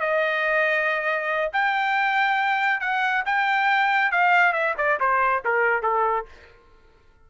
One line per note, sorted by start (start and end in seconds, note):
0.00 1.51 D#5
1.53 2.81 G5
2.81 3.24 F#5
3.26 4.11 G5
4.11 4.53 F5
4.53 4.74 E5
4.78 4.99 D5
5.00 5.43 C5
5.45 5.82 A#4
5.82 6.26 A4